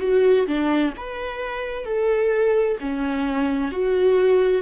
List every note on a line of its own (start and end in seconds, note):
0.00 0.46 F#4
0.47 0.93 D4
0.97 1.85 B4
1.85 2.77 A4
2.80 3.71 C#4
3.71 4.62 F#4